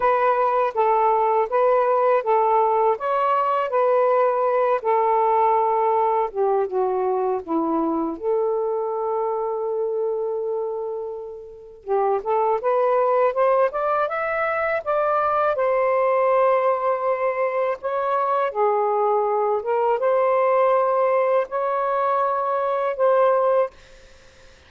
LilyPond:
\new Staff \with { instrumentName = "saxophone" } { \time 4/4 \tempo 4 = 81 b'4 a'4 b'4 a'4 | cis''4 b'4. a'4.~ | a'8 g'8 fis'4 e'4 a'4~ | a'1 |
g'8 a'8 b'4 c''8 d''8 e''4 | d''4 c''2. | cis''4 gis'4. ais'8 c''4~ | c''4 cis''2 c''4 | }